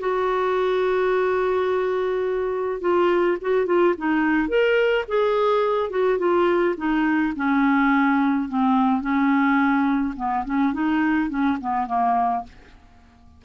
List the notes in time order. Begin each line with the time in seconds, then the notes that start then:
0.00 F#4
2.81 F4
3.42 F#4
3.67 F4
3.98 D#4
4.49 A#4
5.09 G#4
5.90 F#4
6.19 F4
6.78 D#4
7.36 C#4
8.49 C4
9.02 C#4
10.17 B3
10.46 C#4
10.74 D#4
11.30 C#4
11.61 B3
11.87 A#3